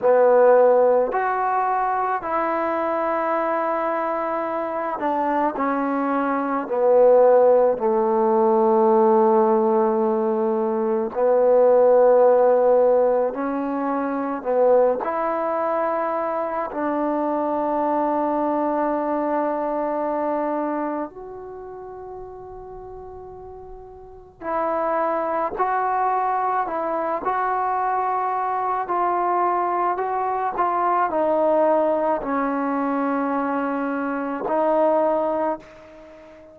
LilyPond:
\new Staff \with { instrumentName = "trombone" } { \time 4/4 \tempo 4 = 54 b4 fis'4 e'2~ | e'8 d'8 cis'4 b4 a4~ | a2 b2 | cis'4 b8 e'4. d'4~ |
d'2. fis'4~ | fis'2 e'4 fis'4 | e'8 fis'4. f'4 fis'8 f'8 | dis'4 cis'2 dis'4 | }